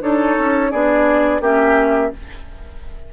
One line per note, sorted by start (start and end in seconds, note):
0.00 0.37 D4
0.00 0.71 D#4
0.00 0.71 A4
0.00 0.71 C#5
0.38 0.72 C#4
0.71 1.40 B3
0.71 1.41 D4
0.71 1.41 G#4
0.71 1.41 D5
1.40 2.11 A#3
1.40 2.12 C#4
1.40 2.12 G4
1.40 2.13 E5